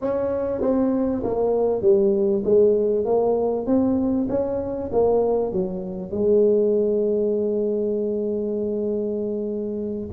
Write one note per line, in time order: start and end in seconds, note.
0.01 0.61 C#4
0.61 1.22 C4
1.23 1.81 A#3
1.81 2.42 G3
2.44 3.05 G#3
3.05 3.66 A#3
3.66 4.27 C4
4.29 4.90 C#4
4.92 5.52 A#3
5.52 6.11 F#3
6.11 10.09 G#3